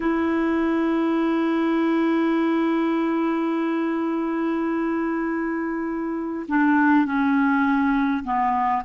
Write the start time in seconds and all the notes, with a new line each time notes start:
0.00 E4
6.48 D4
7.05 C#4
8.24 B3